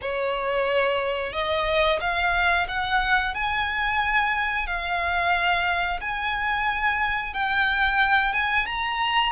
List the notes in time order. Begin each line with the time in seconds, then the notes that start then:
0.02 C#5
1.32 D#5
2.00 F5
2.68 F#5
3.34 G#5
4.66 F5
6.00 G#5
7.33 G5
8.33 G#5
8.65 A#5